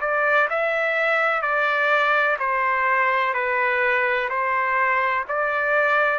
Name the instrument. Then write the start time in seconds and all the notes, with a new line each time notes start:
trumpet
0.00 D5
0.49 E5
1.42 D5
2.39 C5
3.33 B4
4.29 C5
5.28 D5